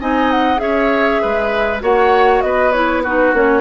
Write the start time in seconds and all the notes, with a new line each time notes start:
0.00 C4 D#4 D#5 G#5
0.31 F#5
0.57 C#4 G#4 C#5 E5
1.22 G#3 B4
1.81 A#3 F#4 C#5 F#5
2.42 B3 B4 D#5
2.72 E4 C#5
3.03 D#4 F#4 B4
3.33 A#3 C#4 C#5